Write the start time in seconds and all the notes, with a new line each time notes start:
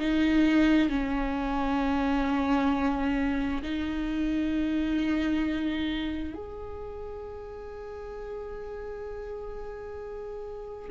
0.00 D#4
0.90 C#4
3.63 D#4
6.35 G#4